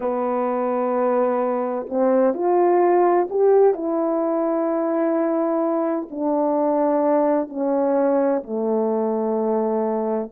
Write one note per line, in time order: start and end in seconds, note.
0.00 1.87 B3
1.89 2.34 C4
2.34 3.28 F4
3.29 3.73 G4
3.73 6.08 E4
6.10 7.49 D4
7.49 8.42 C#4
8.43 10.30 A3